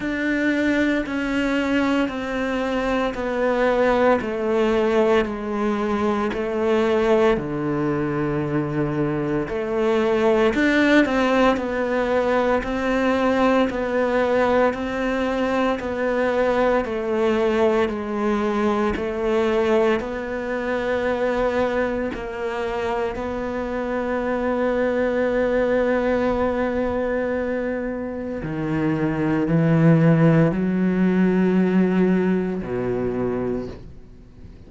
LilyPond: \new Staff \with { instrumentName = "cello" } { \time 4/4 \tempo 4 = 57 d'4 cis'4 c'4 b4 | a4 gis4 a4 d4~ | d4 a4 d'8 c'8 b4 | c'4 b4 c'4 b4 |
a4 gis4 a4 b4~ | b4 ais4 b2~ | b2. dis4 | e4 fis2 b,4 | }